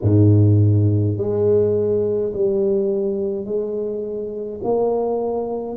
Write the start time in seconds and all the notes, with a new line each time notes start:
0.02 G#2
1.17 G#3
2.33 G3
3.45 G#3
4.63 A#3